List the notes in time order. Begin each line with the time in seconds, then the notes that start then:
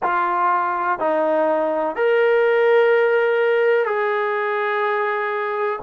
0.03 F4
0.99 D#4
1.95 A#4
3.85 G#4